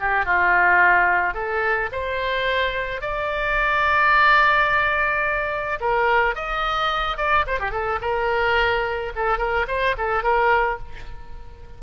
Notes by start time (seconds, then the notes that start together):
0.00 G4
0.25 F4
1.34 A4
1.92 C5
3.02 D5
5.81 A#4
6.36 D#5
7.17 D5
7.47 C5
7.60 G4
7.71 A4
8.01 A#4
9.16 A4
9.38 A#4
9.68 C5
9.98 A4
10.23 A#4